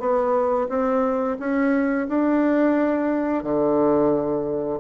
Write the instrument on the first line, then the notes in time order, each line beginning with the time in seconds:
bassoon
0.00 B3
0.69 C4
1.40 C#4
2.09 D4
3.44 D3